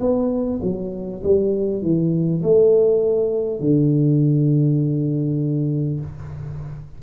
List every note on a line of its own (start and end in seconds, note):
0.00 0.60 B3
0.62 1.22 F#3
1.23 1.82 G3
1.82 2.42 E3
2.43 3.59 A3
3.59 5.99 D3